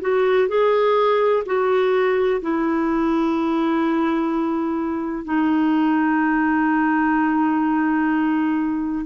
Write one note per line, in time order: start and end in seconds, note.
0.00 0.48 F#4
0.48 1.43 G#4
1.45 2.41 F#4
2.41 5.24 E4
5.24 9.05 D#4